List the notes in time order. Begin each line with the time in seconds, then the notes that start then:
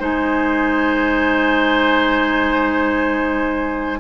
0.00 G#3 D#4 C5 G#5